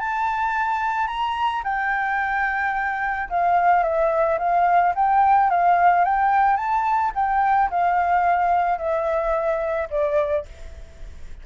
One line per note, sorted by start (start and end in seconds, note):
0.00 1.08 A5
1.08 1.63 A#5
1.64 3.30 G5
3.30 3.84 F5
3.84 4.39 E5
4.39 4.94 F5
4.95 5.50 G5
5.50 6.05 F5
6.05 6.57 G5
6.57 7.12 A5
7.15 7.70 G5
7.71 8.79 F5
8.79 9.89 E5
9.91 10.46 D5